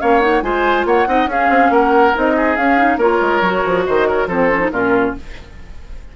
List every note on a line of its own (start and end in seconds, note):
0.00 0.43 A#3
0.00 0.21 C#4
0.00 0.44 C#5
0.00 0.20 F5
0.20 0.43 D#4
0.20 0.42 F#5
0.42 0.85 G#3
0.42 1.07 F4
0.42 0.87 C5
0.42 0.85 G#5
0.85 1.07 A#3
0.85 1.08 C#5
0.85 1.30 F#5
1.07 1.27 C4
1.07 1.29 D#4
1.07 1.30 D#5
1.27 1.48 C#4
1.27 2.14 C#4
1.27 1.72 G#4
1.27 1.73 F5
1.50 1.70 C4
1.70 2.13 A#3
1.70 2.36 A#4
1.70 2.16 F#5
2.14 2.57 C4
2.14 2.57 D#4
2.14 2.57 D#5
2.37 2.98 G#4
2.57 2.97 C#4
2.57 2.78 C#4
2.57 2.99 F5
2.78 2.99 D#4
2.97 3.19 A#3
2.97 3.44 F4
2.97 3.84 A#4
2.97 3.86 C#5
3.21 3.42 G#3
3.42 3.63 F#3
3.42 4.30 F#4
3.66 3.87 F3
3.87 4.27 D#3
3.87 4.08 C5
3.87 4.08 D#5
4.08 4.28 A#4
4.08 4.29 C#5
4.27 4.70 F3
4.27 4.50 C4
4.27 4.71 A4
4.27 4.71 C5
4.50 4.61 C#4
4.61 4.71 D#4
4.71 5.15 A#2
4.71 5.17 C#4
4.71 5.16 F4
4.71 5.14 A#4